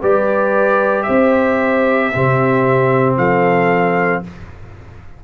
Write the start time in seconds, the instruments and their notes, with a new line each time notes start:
0.00 tuba G3, trombone G4, horn B4, trumpet D5
1.03 tuba C4, horn C5, trumpet E5
2.13 tuba C3, trombone C4, horn G4
3.17 tuba F3, horn A4, trumpet F5